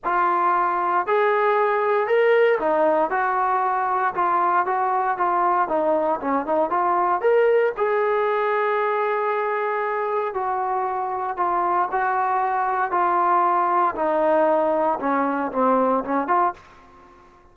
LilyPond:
\new Staff \with { instrumentName = "trombone" } { \time 4/4 \tempo 4 = 116 f'2 gis'2 | ais'4 dis'4 fis'2 | f'4 fis'4 f'4 dis'4 | cis'8 dis'8 f'4 ais'4 gis'4~ |
gis'1 | fis'2 f'4 fis'4~ | fis'4 f'2 dis'4~ | dis'4 cis'4 c'4 cis'8 f'8 | }